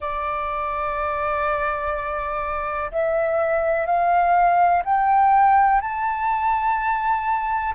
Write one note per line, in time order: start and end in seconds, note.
0.00 2.91 D5
2.91 3.86 E5
3.86 4.83 F5
4.84 5.81 G5
5.81 7.74 A5